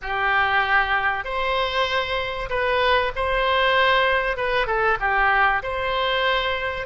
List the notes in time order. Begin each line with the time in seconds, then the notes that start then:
0.02 G4
1.24 C5
2.49 B4
3.15 C5
4.37 B4
4.66 A4
5.00 G4
5.62 C5